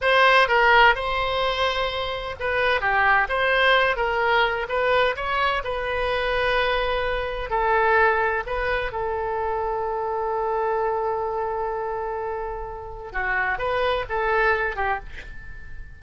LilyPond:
\new Staff \with { instrumentName = "oboe" } { \time 4/4 \tempo 4 = 128 c''4 ais'4 c''2~ | c''4 b'4 g'4 c''4~ | c''8 ais'4. b'4 cis''4 | b'1 |
a'2 b'4 a'4~ | a'1~ | a'1 | fis'4 b'4 a'4. g'8 | }